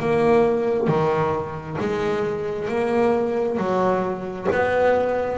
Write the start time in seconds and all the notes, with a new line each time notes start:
0.00 A#3
0.88 D#3
1.80 G#3
2.69 A#3
3.58 F#3
4.52 B3